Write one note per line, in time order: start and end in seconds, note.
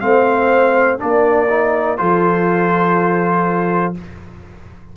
0.00 1.01 A3
0.00 0.98 C4
0.00 1.00 C5
0.00 0.98 F5
0.98 2.00 A#3
0.98 1.47 D4
0.98 2.00 A#4
0.98 1.98 D5
1.49 1.98 D#4
1.98 3.97 F3
1.98 3.95 F4
1.98 3.97 A4
1.98 3.95 C5